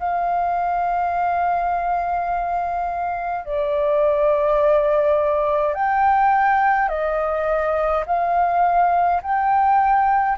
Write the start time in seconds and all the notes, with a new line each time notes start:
0.00 F5
3.45 D5
5.75 G5
6.89 D#5
8.07 F5
9.23 G5